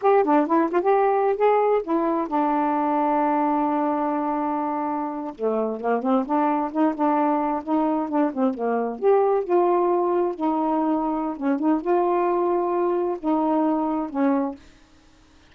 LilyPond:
\new Staff \with { instrumentName = "saxophone" } { \time 4/4 \tempo 4 = 132 g'8 d'8 e'8 f'16 g'4~ g'16 gis'4 | e'4 d'2.~ | d'2.~ d'8. a16~ | a8. ais8 c'8 d'4 dis'8 d'8.~ |
d'8. dis'4 d'8 c'8 ais4 g'16~ | g'8. f'2 dis'4~ dis'16~ | dis'4 cis'8 dis'8 f'2~ | f'4 dis'2 cis'4 | }